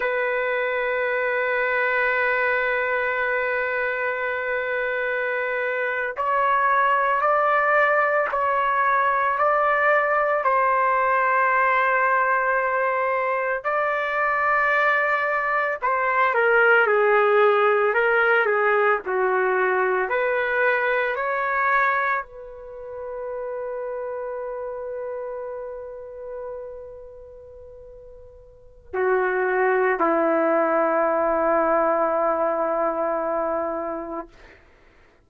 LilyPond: \new Staff \with { instrumentName = "trumpet" } { \time 4/4 \tempo 4 = 56 b'1~ | b'4.~ b'16 cis''4 d''4 cis''16~ | cis''8. d''4 c''2~ c''16~ | c''8. d''2 c''8 ais'8 gis'16~ |
gis'8. ais'8 gis'8 fis'4 b'4 cis''16~ | cis''8. b'2.~ b'16~ | b'2. fis'4 | e'1 | }